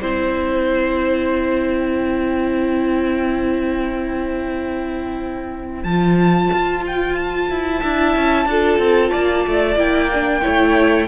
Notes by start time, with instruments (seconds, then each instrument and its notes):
0.00 cello C4, viola E4, violin C5
1.78 violin G5
5.84 cello F3, viola F4, violin A5
6.53 cello F4
6.87 violin G5
7.16 violin A5
7.50 cello E4
7.80 cello D4, viola E4, violin E5
8.16 cello C#4
8.46 cello D4, viola F4, violin A4
8.78 cello C4
9.10 cello A#3, violin D5
9.46 cello A3
9.76 cello A#3, viola E4, violin G5
10.14 viola D4
10.41 cello A3, viola E4, violin C#5